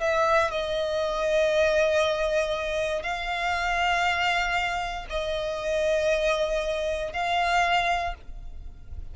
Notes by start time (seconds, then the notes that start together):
0.00 E5
0.51 D#5
3.03 F5
5.09 D#5
7.13 F5